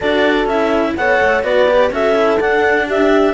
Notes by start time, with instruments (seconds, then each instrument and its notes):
0.00 cello D4 F#4, horn A4, clarinet D5
0.45 cello C#4 E4, clarinet E5
0.96 cello B3 A4, horn C#5, clarinet F#5
1.21 cello A3
1.42 cello B3 F#4, horn B4, clarinet D5
1.68 cello G4
1.90 cello C#4 F#4, horn A4, clarinet E5
2.15 cello E4
2.39 cello D4, clarinet F#5
2.87 horn G4, clarinet E5